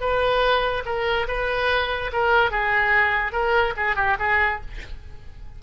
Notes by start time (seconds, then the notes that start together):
0.00 B4
0.85 A#4
1.27 B4
2.12 A#4
2.51 G#4
3.32 A#4
3.76 G#4
3.96 G4
4.19 G#4